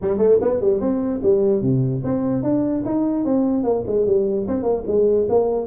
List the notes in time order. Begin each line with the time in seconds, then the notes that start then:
0.01 G3
0.18 A3
0.41 B3
0.60 G3
0.80 C4
1.23 G3
1.61 C3
2.04 C4
2.43 D4
2.85 D#4
3.25 C4
3.63 A#3
3.86 G#3
4.06 G3
4.47 C4
4.63 A#3
4.87 G#3
5.29 A#3